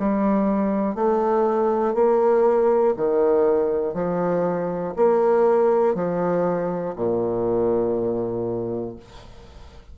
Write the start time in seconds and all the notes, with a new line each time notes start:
0.00 G3
0.95 A3
1.95 A#3
2.97 D#3
3.94 F3
4.97 A#3
5.95 F3
6.96 A#2